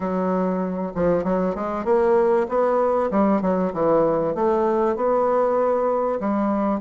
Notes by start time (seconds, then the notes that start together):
0.00 F#3
0.94 F3
1.24 F#3
1.55 G#3
1.84 A#3
2.48 B3
3.11 G3
3.41 F#3
3.73 E3
4.34 A3
4.96 B3
6.20 G3